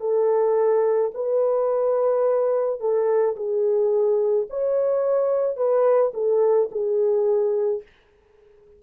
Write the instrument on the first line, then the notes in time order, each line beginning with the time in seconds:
horn
0.00 A4
1.14 B4
2.80 A4
3.36 G#4
4.49 C#5
5.56 B4
6.14 A4
6.71 G#4